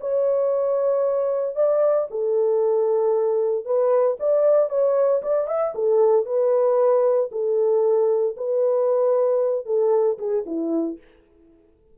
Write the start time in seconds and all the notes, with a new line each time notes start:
0.00 C#5
1.55 D5
2.10 A4
3.65 B4
4.19 D5
4.69 C#5
5.22 D5
5.47 E5
5.75 A4
6.25 B4
7.31 A4
8.36 B4
9.65 A4
10.18 G#4
10.46 E4